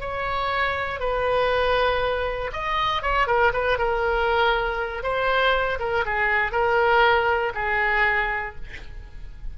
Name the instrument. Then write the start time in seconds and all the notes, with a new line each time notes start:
oboe
0.00 C#5
1.00 B4
2.52 D#5
3.02 C#5
3.27 A#4
3.53 B4
3.78 A#4
5.03 C5
5.79 A#4
6.05 G#4
6.52 A#4
7.54 G#4